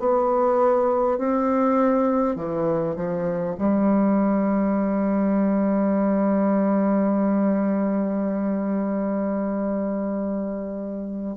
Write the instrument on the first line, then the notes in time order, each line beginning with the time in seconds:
bassoon
0.00 B3
1.18 C4
2.36 E3
2.96 F3
3.58 G3